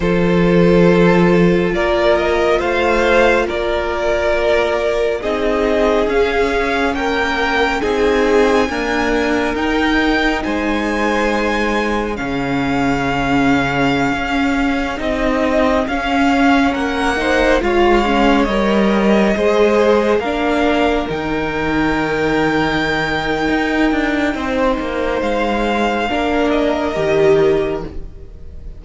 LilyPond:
<<
  \new Staff \with { instrumentName = "violin" } { \time 4/4 \tempo 4 = 69 c''2 d''8 dis''8 f''4 | d''2 dis''4 f''4 | g''4 gis''2 g''4 | gis''2 f''2~ |
f''4~ f''16 dis''4 f''4 fis''8.~ | fis''16 f''4 dis''2 f''8.~ | f''16 g''2.~ g''8.~ | g''4 f''4. dis''4. | }
  \new Staff \with { instrumentName = "violin" } { \time 4/4 a'2 ais'4 c''4 | ais'2 gis'2 | ais'4 gis'4 ais'2 | c''2 gis'2~ |
gis'2.~ gis'16 ais'8 c''16~ | c''16 cis''2 c''4 ais'8.~ | ais'1 | c''2 ais'2 | }
  \new Staff \with { instrumentName = "viola" } { \time 4/4 f'1~ | f'2 dis'4 cis'4~ | cis'4 dis'4 ais4 dis'4~ | dis'2 cis'2~ |
cis'4~ cis'16 dis'4 cis'4. dis'16~ | dis'16 f'8 cis'8 ais'4 gis'4 d'8.~ | d'16 dis'2.~ dis'8.~ | dis'2 d'4 g'4 | }
  \new Staff \with { instrumentName = "cello" } { \time 4/4 f2 ais4 a4 | ais2 c'4 cis'4 | ais4 c'4 d'4 dis'4 | gis2 cis2~ |
cis16 cis'4 c'4 cis'4 ais8.~ | ais16 gis4 g4 gis4 ais8.~ | ais16 dis2~ dis8. dis'8 d'8 | c'8 ais8 gis4 ais4 dis4 | }
>>